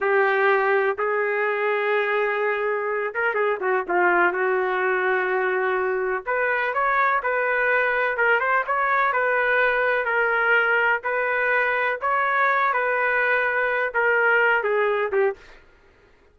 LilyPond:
\new Staff \with { instrumentName = "trumpet" } { \time 4/4 \tempo 4 = 125 g'2 gis'2~ | gis'2~ gis'8 ais'8 gis'8 fis'8 | f'4 fis'2.~ | fis'4 b'4 cis''4 b'4~ |
b'4 ais'8 c''8 cis''4 b'4~ | b'4 ais'2 b'4~ | b'4 cis''4. b'4.~ | b'4 ais'4. gis'4 g'8 | }